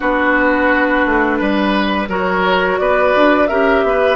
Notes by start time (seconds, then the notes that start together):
0.00 B3 D4 F#4 B4
1.05 A3
1.38 G3 B4
2.08 F#3 F#4 A#4 C#5
2.78 B3 B4 D5
3.15 D4
3.47 C#4 G4 A#4 E5
3.83 B3 B4